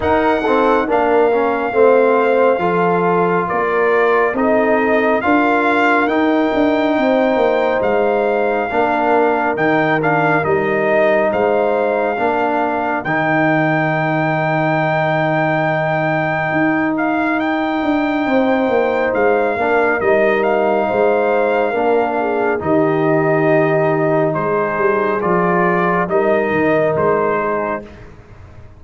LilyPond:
<<
  \new Staff \with { instrumentName = "trumpet" } { \time 4/4 \tempo 4 = 69 fis''4 f''2. | d''4 dis''4 f''4 g''4~ | g''4 f''2 g''8 f''8 | dis''4 f''2 g''4~ |
g''2.~ g''8 f''8 | g''2 f''4 dis''8 f''8~ | f''2 dis''2 | c''4 d''4 dis''4 c''4 | }
  \new Staff \with { instrumentName = "horn" } { \time 4/4 ais'8 a'8 ais'4 c''4 a'4 | ais'4 a'4 ais'2 | c''2 ais'2~ | ais'4 c''4 ais'2~ |
ais'1~ | ais'4 c''4. ais'4. | c''4 ais'8 gis'8 g'2 | gis'2 ais'4. gis'8 | }
  \new Staff \with { instrumentName = "trombone" } { \time 4/4 dis'8 c'8 d'8 cis'8 c'4 f'4~ | f'4 dis'4 f'4 dis'4~ | dis'2 d'4 dis'8 d'8 | dis'2 d'4 dis'4~ |
dis'1~ | dis'2~ dis'8 d'8 dis'4~ | dis'4 d'4 dis'2~ | dis'4 f'4 dis'2 | }
  \new Staff \with { instrumentName = "tuba" } { \time 4/4 dis'4 ais4 a4 f4 | ais4 c'4 d'4 dis'8 d'8 | c'8 ais8 gis4 ais4 dis4 | g4 gis4 ais4 dis4~ |
dis2. dis'4~ | dis'8 d'8 c'8 ais8 gis8 ais8 g4 | gis4 ais4 dis2 | gis8 g8 f4 g8 dis8 gis4 | }
>>